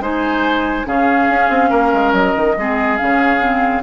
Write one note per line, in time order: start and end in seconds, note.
0.00 0.85 G#3
0.00 0.86 D#4
0.00 0.87 C5
0.00 0.88 G#5
0.86 1.30 C#3
0.86 2.56 C#4
0.86 1.70 G#4
0.86 2.14 F5
1.30 1.50 C#4
1.50 1.71 C4
1.70 1.93 A#3
1.70 2.55 A#4
1.94 2.13 G#3
2.13 2.34 F#3
2.13 2.98 D#5
2.37 2.57 D#3
2.57 3.00 G#3
2.57 2.99 C4
2.57 3.84 G#4
2.98 3.84 C#3
2.98 3.41 C#4
2.98 3.83 F5
3.41 3.83 C4